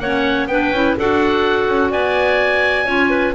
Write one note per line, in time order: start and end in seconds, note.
0.00 0.47 A#3
0.00 0.50 C#4
0.00 0.50 C#5
0.00 0.47 F#5
0.47 0.71 B3
0.47 0.74 D4
0.47 0.98 B4
0.47 0.95 G5
0.72 0.96 C#4
0.72 0.99 E4
0.98 1.69 D4
0.98 2.87 F#4
0.98 1.91 A4
0.98 1.92 F#5
1.69 1.92 C#4
1.91 2.86 B3
1.91 2.86 D5
1.91 3.35 G#5
2.86 3.34 C#4
2.86 3.34 F4
2.86 3.10 C#5
3.10 3.34 B4